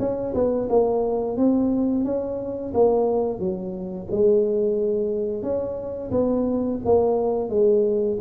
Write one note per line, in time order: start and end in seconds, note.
0.00 0.34 C#4
0.34 0.68 B3
0.70 1.38 A#3
1.38 2.05 C4
2.05 2.73 C#4
2.74 3.40 A#3
3.40 4.08 F#3
4.11 5.43 G#3
5.43 6.11 C#4
6.11 6.79 B3
6.85 7.50 A#3
7.50 8.18 G#3